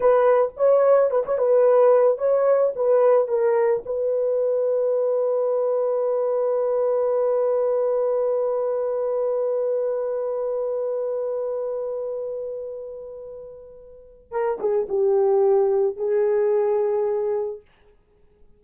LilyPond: \new Staff \with { instrumentName = "horn" } { \time 4/4 \tempo 4 = 109 b'4 cis''4 b'16 cis''16 b'4. | cis''4 b'4 ais'4 b'4~ | b'1~ | b'1~ |
b'1~ | b'1~ | b'2 ais'8 gis'8 g'4~ | g'4 gis'2. | }